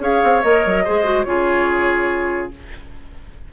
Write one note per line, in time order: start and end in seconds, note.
0.00 0.21 C#4
0.00 0.42 G#4
0.00 0.84 C#5
0.00 0.43 F5
0.24 0.44 C4
0.43 0.65 A#3
0.43 0.86 A#4
0.43 1.24 D#5
0.66 0.87 F#3
0.84 1.26 G#3
0.84 1.04 G#4
0.84 1.26 C5
1.04 1.25 F#4
1.24 2.51 C#3
1.24 2.51 F4
1.24 2.53 G#4
1.24 2.49 C#5